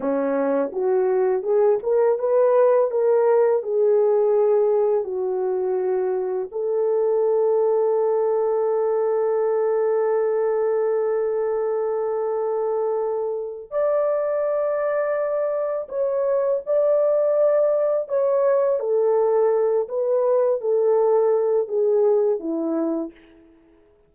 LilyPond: \new Staff \with { instrumentName = "horn" } { \time 4/4 \tempo 4 = 83 cis'4 fis'4 gis'8 ais'8 b'4 | ais'4 gis'2 fis'4~ | fis'4 a'2.~ | a'1~ |
a'2. d''4~ | d''2 cis''4 d''4~ | d''4 cis''4 a'4. b'8~ | b'8 a'4. gis'4 e'4 | }